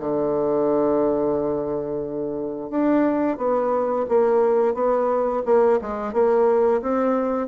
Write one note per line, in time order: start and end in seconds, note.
0.00 2.70 D3
2.70 3.38 D4
3.38 4.06 B3
4.09 4.74 A#3
4.74 5.43 B3
5.45 5.80 A#3
5.81 6.13 G#3
6.13 6.81 A#3
6.82 7.48 C4